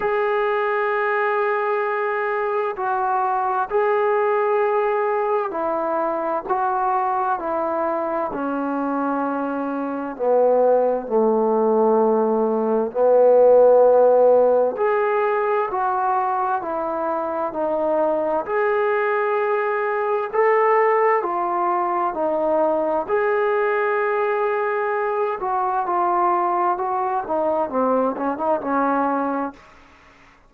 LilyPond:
\new Staff \with { instrumentName = "trombone" } { \time 4/4 \tempo 4 = 65 gis'2. fis'4 | gis'2 e'4 fis'4 | e'4 cis'2 b4 | a2 b2 |
gis'4 fis'4 e'4 dis'4 | gis'2 a'4 f'4 | dis'4 gis'2~ gis'8 fis'8 | f'4 fis'8 dis'8 c'8 cis'16 dis'16 cis'4 | }